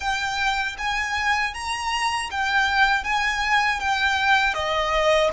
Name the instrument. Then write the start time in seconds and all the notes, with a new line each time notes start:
violin
0.00 G5
0.78 G#5
1.54 A#5
2.31 G5
3.04 G#5
3.79 G5
4.54 D#5